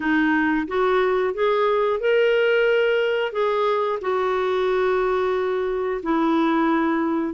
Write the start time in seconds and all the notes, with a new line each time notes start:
0.00 D#4
0.67 F#4
1.34 G#4
2.00 A#4
3.32 G#4
4.01 F#4
6.02 E4